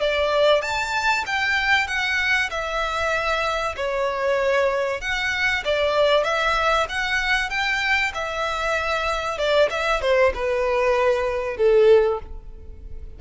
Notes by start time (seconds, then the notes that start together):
0.00 D5
0.61 A5
1.26 G5
1.87 F#5
2.50 E5
3.76 C#5
5.01 F#5
5.64 D5
6.24 E5
6.89 F#5
7.49 G5
8.14 E5
9.38 D5
9.70 E5
10.01 C5
10.34 B4
11.57 A4